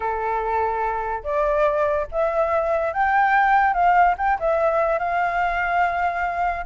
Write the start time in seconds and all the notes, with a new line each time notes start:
0.00 A4
1.23 D5
2.11 E5
2.93 G5
3.73 F5
4.17 G5
4.39 E5
4.98 F5